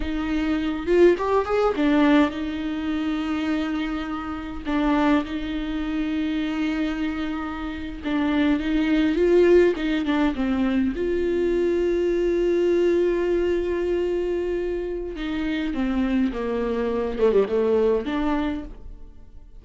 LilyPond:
\new Staff \with { instrumentName = "viola" } { \time 4/4 \tempo 4 = 103 dis'4. f'8 g'8 gis'8 d'4 | dis'1 | d'4 dis'2.~ | dis'4.~ dis'16 d'4 dis'4 f'16~ |
f'8. dis'8 d'8 c'4 f'4~ f'16~ | f'1~ | f'2 dis'4 c'4 | ais4. a16 g16 a4 d'4 | }